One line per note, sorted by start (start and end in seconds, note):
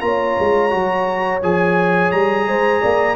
0.00 0.37 A#3
0.00 0.70 F4
0.00 2.47 C#5
0.00 1.40 A#5
0.39 0.74 G#3
0.70 1.43 F#3
0.70 1.40 F#4
1.43 2.13 F3
1.43 3.16 G#4
1.43 2.11 G#5
2.11 2.47 G3
2.11 3.16 A#5
2.47 2.82 G#3
2.47 2.81 C5
2.81 3.16 A#3
2.81 3.16 D5